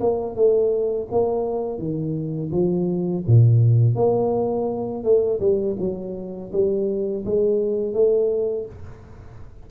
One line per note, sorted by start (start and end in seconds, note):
0.00 0.35 A#3
0.35 1.07 A3
1.11 1.79 A#3
1.79 2.51 D#3
2.52 3.24 F3
3.27 3.96 A#2
3.96 5.04 A#3
5.04 5.40 A3
5.40 5.76 G3
5.79 6.52 F#3
6.53 7.25 G3
7.25 7.94 G#3
7.94 8.66 A3